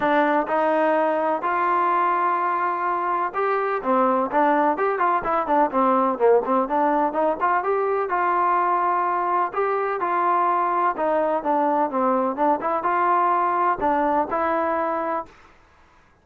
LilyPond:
\new Staff \with { instrumentName = "trombone" } { \time 4/4 \tempo 4 = 126 d'4 dis'2 f'4~ | f'2. g'4 | c'4 d'4 g'8 f'8 e'8 d'8 | c'4 ais8 c'8 d'4 dis'8 f'8 |
g'4 f'2. | g'4 f'2 dis'4 | d'4 c'4 d'8 e'8 f'4~ | f'4 d'4 e'2 | }